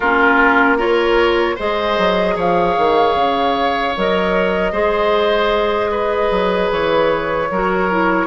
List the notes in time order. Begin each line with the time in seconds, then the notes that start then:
0.00 A#3 C#4 F4 A#4
0.77 F4 A#4 C#5
1.55 G#3 G#4 C5 D#5
1.98 F#3
2.36 F3 C#5 F5
2.77 D#3
3.15 C#3
3.96 F#3 A#4 D#5
4.72 G#3 G#4 C5
5.90 B4
6.30 F#3
6.71 E3 C#5
7.50 F#3 F#4 A#4
7.89 E4